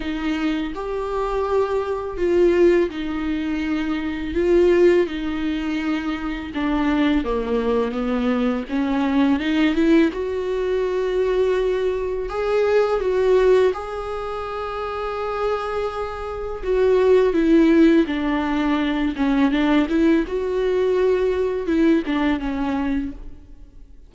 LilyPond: \new Staff \with { instrumentName = "viola" } { \time 4/4 \tempo 4 = 83 dis'4 g'2 f'4 | dis'2 f'4 dis'4~ | dis'4 d'4 ais4 b4 | cis'4 dis'8 e'8 fis'2~ |
fis'4 gis'4 fis'4 gis'4~ | gis'2. fis'4 | e'4 d'4. cis'8 d'8 e'8 | fis'2 e'8 d'8 cis'4 | }